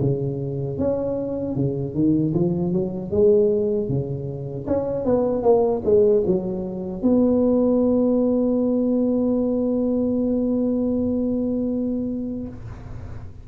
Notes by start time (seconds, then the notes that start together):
0.00 C#3
0.78 C#4
1.55 C#3
1.94 D#3
2.34 F3
2.73 F#3
3.11 G#3
3.89 C#3
4.67 C#4
5.05 B3
5.43 A#3
5.84 G#3
6.26 F#3
7.02 B3